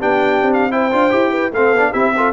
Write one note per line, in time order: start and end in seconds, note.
0.00 0.43 B3
0.00 0.71 D4
0.00 0.71 G4
0.00 0.53 G5
0.43 0.94 C4
0.54 0.72 F5
0.71 0.92 E4
0.71 1.32 C5
0.71 1.54 G5
0.93 1.13 D4
0.93 1.11 F4
1.11 1.52 E4
1.11 1.51 G4
1.32 1.52 B4
1.52 1.72 A3
1.52 1.76 C4
1.52 1.93 A4
1.52 1.93 F5
1.73 1.93 B3
1.73 1.94 D4
1.93 2.33 C4
1.93 2.14 E4
1.93 2.13 G4
1.93 2.33 E5
2.16 2.33 F4
2.16 2.33 A4